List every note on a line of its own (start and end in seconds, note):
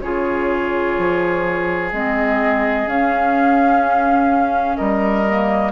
0.00 0.96 C#3
0.00 1.93 F4
0.00 4.77 G#4
0.00 1.90 C#5
0.98 1.92 F3
1.92 2.86 G#3
1.92 2.87 C4
1.92 2.88 D#5
2.86 4.77 C#4
2.86 5.26 C#4
2.86 4.76 F5
4.76 5.72 G3
4.76 5.72 A#4
4.76 5.72 D#5
5.27 5.72 A#3